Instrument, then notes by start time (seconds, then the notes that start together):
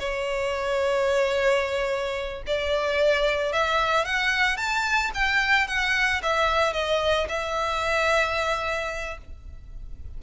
violin
0.00 C#5
2.47 D5
3.53 E5
4.06 F#5
4.57 A5
5.15 G5
5.68 F#5
6.23 E5
6.74 D#5
7.29 E5